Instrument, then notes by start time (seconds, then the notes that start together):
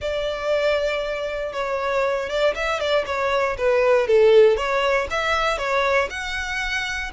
violin
0.01 D5
1.53 C#5
2.29 D5
2.54 E5
2.79 D5
3.06 C#5
3.57 B4
4.07 A4
4.56 C#5
5.10 E5
5.58 C#5
6.10 F#5